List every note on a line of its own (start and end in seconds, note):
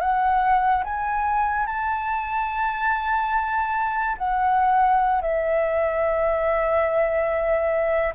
0.00 0.83 F#5
0.84 1.66 G#5
1.66 4.16 A5
4.17 5.22 F#5
5.22 8.13 E5